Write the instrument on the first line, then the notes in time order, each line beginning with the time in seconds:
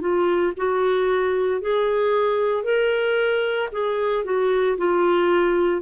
clarinet
0.00 F4
0.56 F#4
1.61 G#4
2.64 A#4
3.72 G#4
4.24 F#4
4.78 F4